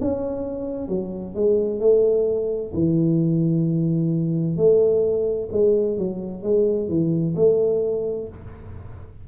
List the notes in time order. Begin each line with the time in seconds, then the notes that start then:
0.00 C#4
0.88 F#3
1.34 G#3
1.80 A3
2.74 E3
4.57 A3
5.51 G#3
5.97 F#3
6.42 G#3
6.89 E3
7.36 A3